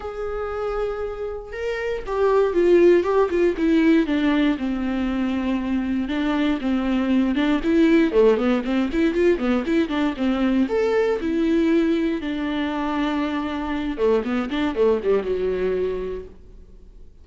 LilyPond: \new Staff \with { instrumentName = "viola" } { \time 4/4 \tempo 4 = 118 gis'2. ais'4 | g'4 f'4 g'8 f'8 e'4 | d'4 c'2. | d'4 c'4. d'8 e'4 |
a8 b8 c'8 e'8 f'8 b8 e'8 d'8 | c'4 a'4 e'2 | d'2.~ d'8 a8 | b8 d'8 a8 g8 fis2 | }